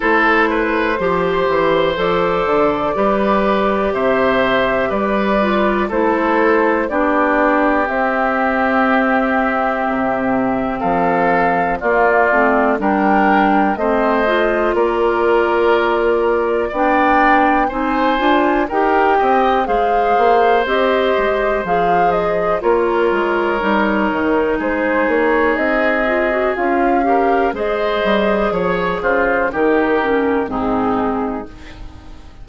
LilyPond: <<
  \new Staff \with { instrumentName = "flute" } { \time 4/4 \tempo 4 = 61 c''2 d''2 | e''4 d''4 c''4 d''4 | e''2. f''4 | d''4 g''4 dis''4 d''4~ |
d''4 g''4 gis''4 g''4 | f''4 dis''4 f''8 dis''8 cis''4~ | cis''4 c''8 cis''8 dis''4 f''4 | dis''4 cis''8 c''8 ais'4 gis'4 | }
  \new Staff \with { instrumentName = "oboe" } { \time 4/4 a'8 b'8 c''2 b'4 | c''4 b'4 a'4 g'4~ | g'2. a'4 | f'4 ais'4 c''4 ais'4~ |
ais'4 d''4 c''4 ais'8 dis''8 | c''2. ais'4~ | ais'4 gis'2~ gis'8 ais'8 | c''4 cis''8 f'8 g'4 dis'4 | }
  \new Staff \with { instrumentName = "clarinet" } { \time 4/4 e'4 g'4 a'4 g'4~ | g'4. f'8 e'4 d'4 | c'1 | ais8 c'8 d'4 c'8 f'4.~ |
f'4 d'4 dis'8 f'8 g'4 | gis'4 g'4 gis'4 f'4 | dis'2~ dis'8 f'16 fis'16 f'8 g'8 | gis'2 dis'8 cis'8 c'4 | }
  \new Staff \with { instrumentName = "bassoon" } { \time 4/4 a4 f8 e8 f8 d8 g4 | c4 g4 a4 b4 | c'2 c4 f4 | ais8 a8 g4 a4 ais4~ |
ais4 b4 c'8 d'8 dis'8 c'8 | gis8 ais8 c'8 gis8 f4 ais8 gis8 | g8 dis8 gis8 ais8 c'4 cis'4 | gis8 g8 f8 cis8 dis4 gis,4 | }
>>